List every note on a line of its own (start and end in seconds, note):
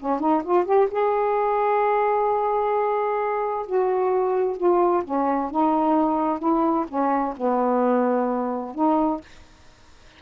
0.00 0.20 C#4
0.20 0.43 D#4
0.44 0.65 F4
0.65 0.89 G4
0.91 3.67 G#4
3.67 4.57 F#4
4.57 5.03 F4
5.05 5.51 C#4
5.51 6.40 D#4
6.40 6.86 E4
6.89 7.35 C#4
7.37 8.75 B3
8.75 9.21 D#4